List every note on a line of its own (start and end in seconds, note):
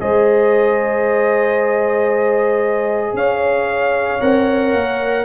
0.00 3.14 G#3
0.00 4.21 G#4
0.00 3.17 C5
0.00 3.16 D#5
3.14 4.19 C#4
3.14 5.25 C#5
3.14 4.21 F5
4.21 4.74 C4
4.21 5.25 A#4
4.21 5.25 F#5
4.74 5.25 A#3